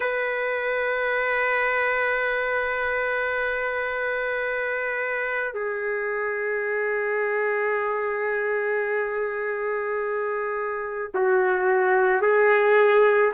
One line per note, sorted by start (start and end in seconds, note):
0.00 5.54 B4
5.54 11.09 G#4
11.14 12.21 F#4
12.21 13.32 G#4